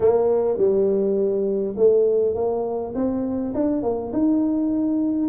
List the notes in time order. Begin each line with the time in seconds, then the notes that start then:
0.00 A#3
0.57 G3
1.76 A3
2.34 A#3
2.94 C4
3.54 D4
3.82 A#3
4.12 D#4